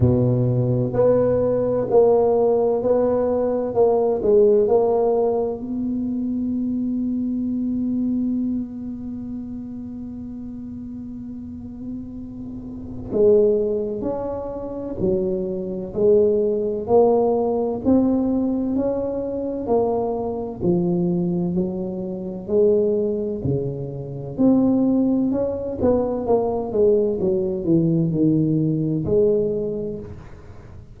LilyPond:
\new Staff \with { instrumentName = "tuba" } { \time 4/4 \tempo 4 = 64 b,4 b4 ais4 b4 | ais8 gis8 ais4 b2~ | b1~ | b2 gis4 cis'4 |
fis4 gis4 ais4 c'4 | cis'4 ais4 f4 fis4 | gis4 cis4 c'4 cis'8 b8 | ais8 gis8 fis8 e8 dis4 gis4 | }